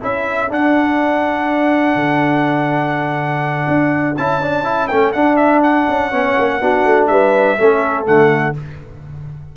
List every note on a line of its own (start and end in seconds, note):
0.00 0.50 C#4
0.00 0.49 E4
0.00 6.10 A4
0.00 0.52 E5
0.49 4.15 D4
0.49 1.95 D4
0.49 4.17 F#5
1.95 3.66 D3
3.68 4.17 D4
4.17 4.91 C#4
4.17 4.42 E4
4.17 4.88 A5
4.42 4.64 D4
4.64 4.89 E4
4.88 5.14 A3
4.88 5.15 C#4
4.88 5.12 G5
5.13 5.87 D4
5.13 6.12 D4
5.13 5.37 F#5
5.37 5.61 E5
5.63 7.07 F#5
5.88 6.12 C#4
6.10 6.37 B3
6.10 6.61 C#4
6.10 6.58 C#5
6.38 6.60 A#3
6.60 6.85 B3
6.60 7.58 D4
6.60 7.11 F#4
6.85 7.09 A3
7.07 7.58 G3
7.07 7.59 B4
7.07 8.05 E5
7.59 8.07 A3
7.59 8.05 C#4
7.59 8.56 A4
8.05 8.56 D3
8.05 8.54 A3
8.05 8.56 F#5